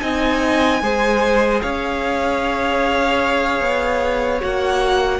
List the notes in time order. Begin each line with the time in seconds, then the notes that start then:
0.00 C4 D#4 D#5 G#5
0.81 G#3 G#4 C5
1.61 C#4 C#5 F5
3.60 B3
4.40 A#3 F#4 F#5